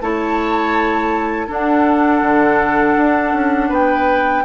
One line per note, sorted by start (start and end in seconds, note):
0.00 1.48 A3
0.00 1.47 E4
0.00 1.47 C#5
0.00 1.49 A5
1.47 4.43 D4
1.47 2.21 D4
1.47 3.68 A4
1.47 3.73 F#5
2.21 2.95 D3
2.96 3.33 D4
3.33 3.70 C#4
3.68 4.44 B3
3.68 4.42 B4
3.68 4.44 G5